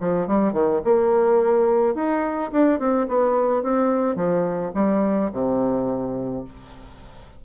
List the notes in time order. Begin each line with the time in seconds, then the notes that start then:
0.00 F3
0.27 G3
0.53 D#3
0.84 A#3
1.95 D#4
2.52 D4
2.79 C4
3.08 B3
3.63 C4
4.15 F3
4.75 G3
5.32 C3